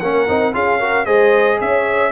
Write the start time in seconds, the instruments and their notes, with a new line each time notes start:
0.00 tuba A#3, trombone C#4, horn A#4, trumpet F#5
0.28 tuba C4, trombone D#4
0.53 tuba C#4, trombone F4, horn G#4, trumpet F5
0.79 trombone F#4, horn A#4
1.05 tuba G#3, trombone G#4, horn C5, trumpet D#5
1.60 tuba C#4, horn C#5, trumpet E5